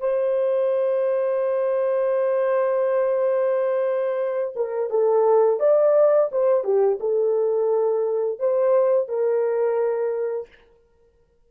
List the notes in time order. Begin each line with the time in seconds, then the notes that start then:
0.00 C5
4.56 A#4
4.90 A4
5.60 D5
6.32 C5
6.64 G4
7.00 A4
8.39 C5
9.09 A#4